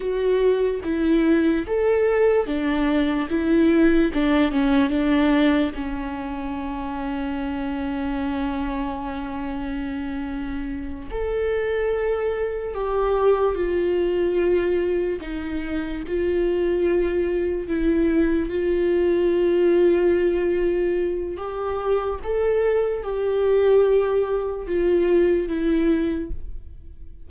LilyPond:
\new Staff \with { instrumentName = "viola" } { \time 4/4 \tempo 4 = 73 fis'4 e'4 a'4 d'4 | e'4 d'8 cis'8 d'4 cis'4~ | cis'1~ | cis'4. a'2 g'8~ |
g'8 f'2 dis'4 f'8~ | f'4. e'4 f'4.~ | f'2 g'4 a'4 | g'2 f'4 e'4 | }